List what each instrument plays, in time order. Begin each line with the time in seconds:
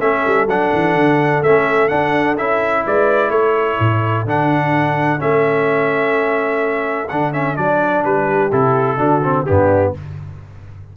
0.00 tuba A3, trombone C#4, horn A4, trumpet E5
0.26 tuba G3
0.46 tuba F#3, trombone D4, trumpet F#5
0.74 tuba E3
0.94 tuba D3
1.43 tuba A3, trombone C#4, trumpet E5
1.89 trombone D4, tuba D4, trumpet F#5
2.38 tuba C#4, trombone E4, trumpet E5
2.86 tuba G#3, horn B4, trumpet D5
3.30 tuba A3, horn A4, trumpet C#5
3.80 tuba A2
4.25 tuba D3, trombone D4, trumpet F#5
5.19 tuba A3, trombone C#4, trumpet E5
7.09 tuba D3, trombone D4, trumpet F#5
7.33 trombone C#4, trumpet E5
7.56 tuba F#3, trombone D4, trumpet D5
8.05 tuba G3, trumpet B4
8.27 horn G4
8.52 tuba C3, trombone E4, trumpet A4
8.98 tuba D3, trombone D4, horn F#4
9.24 trombone C4
9.46 tuba G2, trombone B3, horn D4, trumpet G4